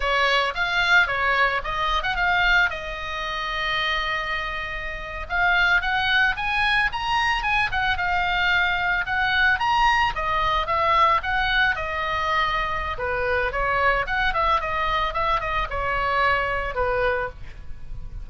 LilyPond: \new Staff \with { instrumentName = "oboe" } { \time 4/4 \tempo 4 = 111 cis''4 f''4 cis''4 dis''8. fis''16 | f''4 dis''2.~ | dis''4.~ dis''16 f''4 fis''4 gis''16~ | gis''8. ais''4 gis''8 fis''8 f''4~ f''16~ |
f''8. fis''4 ais''4 dis''4 e''16~ | e''8. fis''4 dis''2~ dis''16 | b'4 cis''4 fis''8 e''8 dis''4 | e''8 dis''8 cis''2 b'4 | }